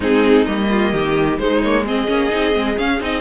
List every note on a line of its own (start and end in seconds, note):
0.00 0.46 G#3
0.00 0.46 C4
0.00 0.67 D#4
0.00 0.46 G#4
0.46 0.92 G3
0.46 1.38 A#3
0.46 1.38 D#5
0.69 0.92 F4
0.92 1.38 D#3
0.92 1.39 G4
1.38 2.07 G#3
1.38 1.62 G#3
1.38 1.85 D#4
1.38 1.61 C5
1.61 1.86 A#3
1.61 1.85 C#5
1.85 2.07 C4
1.85 3.21 G#4
1.85 2.77 D#5
2.07 2.32 A#3
2.07 2.30 C#4
2.30 2.55 C4
2.30 2.53 D#4
2.53 2.78 G#3
2.53 2.77 C4
2.77 3.00 C#4
2.77 3.01 F5
3.00 3.21 C4
3.00 3.21 D#4
3.00 3.21 D#5